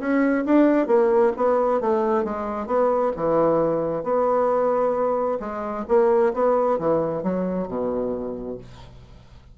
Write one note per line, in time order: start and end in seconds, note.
0.00 0.45 C#4
0.46 0.87 D4
0.87 1.32 A#3
1.37 1.81 B3
1.81 2.24 A3
2.24 2.67 G#3
2.67 3.12 B3
3.17 4.04 E3
4.04 5.39 B3
5.40 5.85 G#3
5.88 6.33 A#3
6.34 6.79 B3
6.79 7.23 E3
7.23 7.68 F#3
7.68 8.58 B2